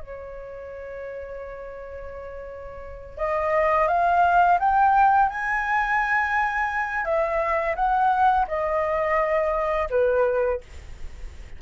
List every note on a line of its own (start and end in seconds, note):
0.00 3.18 C#5
3.18 3.88 D#5
3.88 4.58 F5
4.59 5.29 G5
5.29 7.05 G#5
7.05 7.75 E5
7.76 8.46 F#5
8.48 9.89 D#5
9.90 10.61 B4